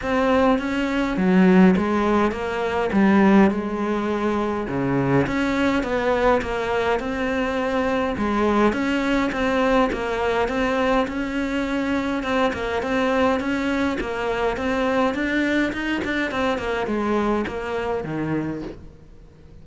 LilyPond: \new Staff \with { instrumentName = "cello" } { \time 4/4 \tempo 4 = 103 c'4 cis'4 fis4 gis4 | ais4 g4 gis2 | cis4 cis'4 b4 ais4 | c'2 gis4 cis'4 |
c'4 ais4 c'4 cis'4~ | cis'4 c'8 ais8 c'4 cis'4 | ais4 c'4 d'4 dis'8 d'8 | c'8 ais8 gis4 ais4 dis4 | }